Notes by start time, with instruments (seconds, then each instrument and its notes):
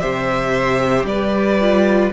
0.00 cello C3, viola G4, violin C5 E5
1.04 cello G3, violin B4 D5
1.61 viola F4